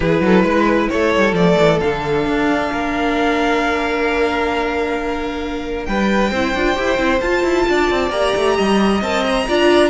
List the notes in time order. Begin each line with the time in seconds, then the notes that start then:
0.00 E3 E4 G#4 B4
0.20 F#3 A4
0.43 G#3 B4
0.89 A3 A4 C#5
1.16 G3
1.32 F3 A3 D5
1.58 E3
1.80 D3 D4 F5
2.25 D4
2.71 A#3 A#4
5.85 G3 B4 G5
6.30 C4 E4 C5
6.54 D4 F4
6.75 E4 G4
6.97 C4 E4
7.20 F4 A5
7.43 E4
7.68 D4 D5
7.90 C4
8.10 A#3 G4 A#5
8.35 A3
8.57 G3 D#5
9.01 C4 A#4 A5
9.23 A#5
9.30 C5
9.47 D4 F4 D5